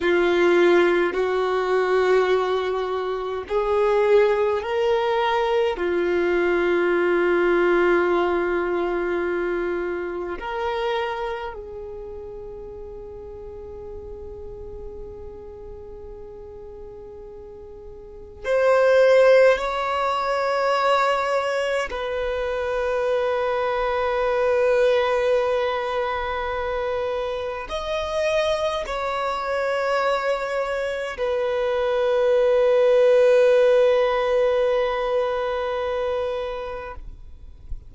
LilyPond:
\new Staff \with { instrumentName = "violin" } { \time 4/4 \tempo 4 = 52 f'4 fis'2 gis'4 | ais'4 f'2.~ | f'4 ais'4 gis'2~ | gis'1 |
c''4 cis''2 b'4~ | b'1 | dis''4 cis''2 b'4~ | b'1 | }